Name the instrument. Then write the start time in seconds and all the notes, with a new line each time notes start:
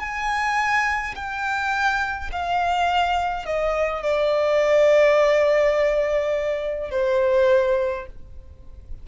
violin
0.00 G#5
1.16 G5
2.32 F5
3.46 D#5
4.03 D5
6.91 C5